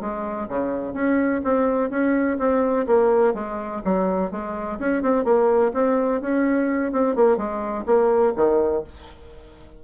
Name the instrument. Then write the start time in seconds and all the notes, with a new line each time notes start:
bassoon
0.00 G#3
0.48 C#3
0.93 C#4
1.44 C4
1.90 C#4
2.39 C4
2.87 A#3
3.34 G#3
3.84 F#3
4.31 G#3
4.79 C#4
5.02 C4
5.24 A#3
5.74 C4
6.21 C#4
6.92 C4
7.15 A#3
7.37 G#3
7.86 A#3
8.36 D#3